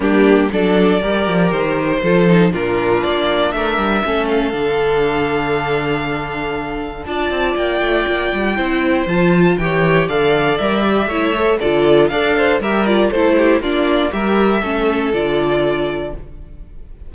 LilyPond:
<<
  \new Staff \with { instrumentName = "violin" } { \time 4/4 \tempo 4 = 119 g'4 d''2 c''4~ | c''4 ais'4 d''4 e''4~ | e''8 f''2.~ f''8~ | f''2 a''4 g''4~ |
g''2 a''4 g''4 | f''4 e''2 d''4 | f''4 e''8 d''8 c''4 d''4 | e''2 d''2 | }
  \new Staff \with { instrumentName = "violin" } { \time 4/4 d'4 a'4 ais'2 | a'4 f'2 ais'4 | a'1~ | a'2 d''2~ |
d''4 c''2 cis''4 | d''2 cis''4 a'4 | d''8 c''8 ais'4 a'8 g'8 f'4 | ais'4 a'2. | }
  \new Staff \with { instrumentName = "viola" } { \time 4/4 ais4 d'4 g'2 | f'8 dis'8 d'2. | cis'4 d'2.~ | d'2 f'2~ |
f'4 e'4 f'4 g'4 | a'4 ais'8 g'8 e'8 a'8 f'4 | a'4 g'8 f'8 e'4 d'4 | g'4 cis'4 f'2 | }
  \new Staff \with { instrumentName = "cello" } { \time 4/4 g4 fis4 g8 f8 dis4 | f4 ais,4 ais4 a8 g8 | a4 d2.~ | d2 d'8 c'8 ais8 a8 |
ais8 g8 c'4 f4 e4 | d4 g4 a4 d4 | d'4 g4 a4 ais4 | g4 a4 d2 | }
>>